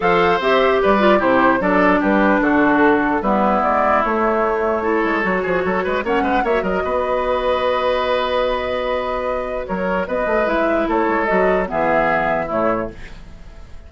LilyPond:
<<
  \new Staff \with { instrumentName = "flute" } { \time 4/4 \tempo 4 = 149 f''4 e''4 d''4 c''4 | d''4 b'4 a'2 | b'4 d''4 cis''2~ | cis''2. fis''4 |
e''8 dis''2.~ dis''8~ | dis''1 | cis''4 dis''4 e''4 cis''4 | dis''4 e''2 cis''4 | }
  \new Staff \with { instrumentName = "oboe" } { \time 4/4 c''2 b'4 g'4 | a'4 g'4 fis'2 | e'1 | a'4. gis'8 a'8 b'8 cis''8 b'8 |
cis''8 ais'8 b'2.~ | b'1 | ais'4 b'2 a'4~ | a'4 gis'2 e'4 | }
  \new Staff \with { instrumentName = "clarinet" } { \time 4/4 a'4 g'4. f'8 e'4 | d'1 | b2 a2 | e'4 fis'2 cis'4 |
fis'1~ | fis'1~ | fis'2 e'2 | fis'4 b2 a4 | }
  \new Staff \with { instrumentName = "bassoon" } { \time 4/4 f4 c'4 g4 c4 | fis4 g4 d2 | g4 gis4 a2~ | a8 gis8 fis8 f8 fis8 gis8 ais8 gis8 |
ais8 fis8 b2.~ | b1 | fis4 b8 a8 gis4 a8 gis8 | fis4 e2 a,4 | }
>>